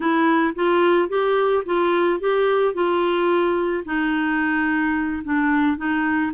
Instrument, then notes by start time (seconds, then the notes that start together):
clarinet
0.00 E4
0.55 F4
1.08 G4
1.65 F4
2.19 G4
2.74 F4
3.85 D#4
5.24 D4
5.76 D#4